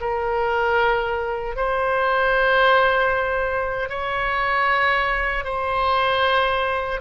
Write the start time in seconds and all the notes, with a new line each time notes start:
0.00 A#4
1.56 C5
3.89 C#5
5.44 C5